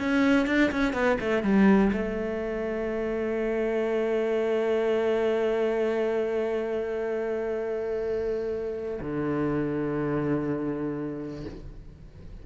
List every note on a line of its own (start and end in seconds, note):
0.00 0.47 C#4
0.47 0.71 D4
0.72 0.94 C#4
0.94 1.18 B3
1.21 1.43 A3
1.43 1.92 G3
1.93 9.00 A3
9.02 11.45 D3